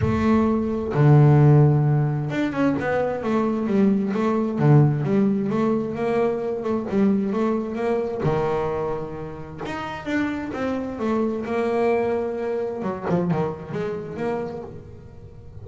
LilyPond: \new Staff \with { instrumentName = "double bass" } { \time 4/4 \tempo 4 = 131 a2 d2~ | d4 d'8 cis'8 b4 a4 | g4 a4 d4 g4 | a4 ais4. a8 g4 |
a4 ais4 dis2~ | dis4 dis'4 d'4 c'4 | a4 ais2. | fis8 f8 dis4 gis4 ais4 | }